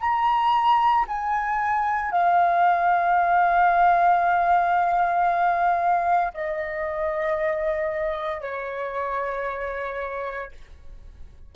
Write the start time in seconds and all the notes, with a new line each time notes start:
0.00 A#5
1.08 G#5
2.11 F5
6.33 D#5
8.41 C#5